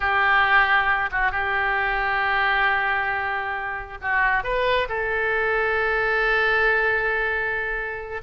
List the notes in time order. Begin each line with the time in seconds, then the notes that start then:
0.00 G4
1.11 F#4
1.31 G4
4.01 F#4
4.43 B4
4.88 A4